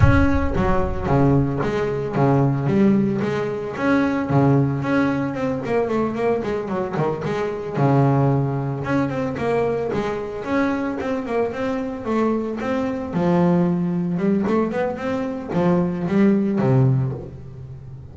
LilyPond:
\new Staff \with { instrumentName = "double bass" } { \time 4/4 \tempo 4 = 112 cis'4 fis4 cis4 gis4 | cis4 g4 gis4 cis'4 | cis4 cis'4 c'8 ais8 a8 ais8 | gis8 fis8 dis8 gis4 cis4.~ |
cis8 cis'8 c'8 ais4 gis4 cis'8~ | cis'8 c'8 ais8 c'4 a4 c'8~ | c'8 f2 g8 a8 b8 | c'4 f4 g4 c4 | }